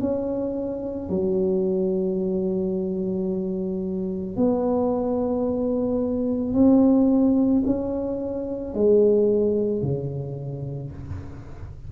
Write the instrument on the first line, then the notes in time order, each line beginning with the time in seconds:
tuba
0.00 C#4
1.09 F#3
4.36 B3
6.54 C4
7.66 C#4
8.74 G#3
9.82 C#3